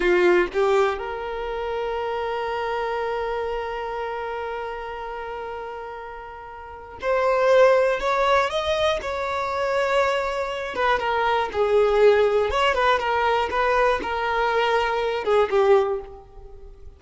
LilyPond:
\new Staff \with { instrumentName = "violin" } { \time 4/4 \tempo 4 = 120 f'4 g'4 ais'2~ | ais'1~ | ais'1~ | ais'2 c''2 |
cis''4 dis''4 cis''2~ | cis''4. b'8 ais'4 gis'4~ | gis'4 cis''8 b'8 ais'4 b'4 | ais'2~ ais'8 gis'8 g'4 | }